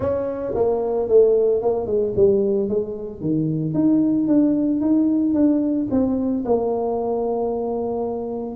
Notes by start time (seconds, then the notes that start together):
0.00 C#4
0.54 A#3
1.08 A3
1.62 A#3
1.86 G#3
2.16 G3
2.69 G#3
3.20 D#3
3.74 D#4
4.27 D4
4.80 D#4
5.34 D4
5.91 C4
6.45 A#3